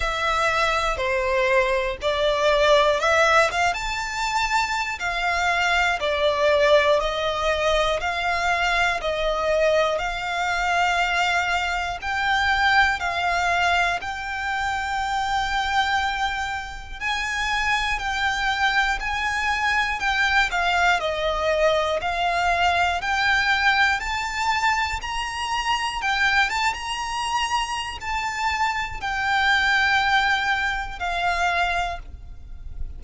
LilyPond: \new Staff \with { instrumentName = "violin" } { \time 4/4 \tempo 4 = 60 e''4 c''4 d''4 e''8 f''16 a''16~ | a''4 f''4 d''4 dis''4 | f''4 dis''4 f''2 | g''4 f''4 g''2~ |
g''4 gis''4 g''4 gis''4 | g''8 f''8 dis''4 f''4 g''4 | a''4 ais''4 g''8 a''16 ais''4~ ais''16 | a''4 g''2 f''4 | }